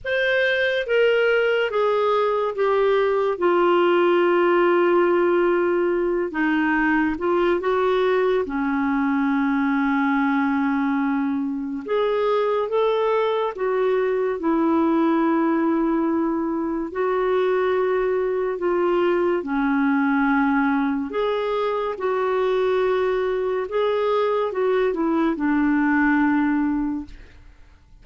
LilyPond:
\new Staff \with { instrumentName = "clarinet" } { \time 4/4 \tempo 4 = 71 c''4 ais'4 gis'4 g'4 | f'2.~ f'8 dis'8~ | dis'8 f'8 fis'4 cis'2~ | cis'2 gis'4 a'4 |
fis'4 e'2. | fis'2 f'4 cis'4~ | cis'4 gis'4 fis'2 | gis'4 fis'8 e'8 d'2 | }